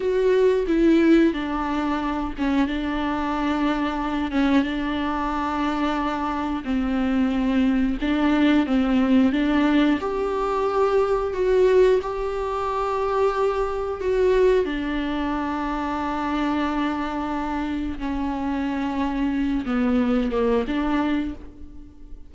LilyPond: \new Staff \with { instrumentName = "viola" } { \time 4/4 \tempo 4 = 90 fis'4 e'4 d'4. cis'8 | d'2~ d'8 cis'8 d'4~ | d'2 c'2 | d'4 c'4 d'4 g'4~ |
g'4 fis'4 g'2~ | g'4 fis'4 d'2~ | d'2. cis'4~ | cis'4. b4 ais8 d'4 | }